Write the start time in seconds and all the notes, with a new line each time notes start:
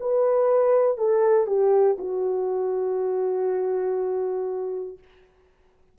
0.00 B4
0.98 A4
1.47 G4
1.99 F#4